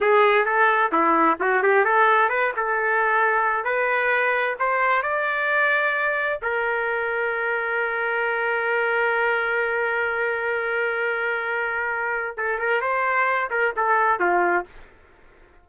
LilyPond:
\new Staff \with { instrumentName = "trumpet" } { \time 4/4 \tempo 4 = 131 gis'4 a'4 e'4 fis'8 g'8 | a'4 b'8 a'2~ a'8 | b'2 c''4 d''4~ | d''2 ais'2~ |
ais'1~ | ais'1~ | ais'2. a'8 ais'8 | c''4. ais'8 a'4 f'4 | }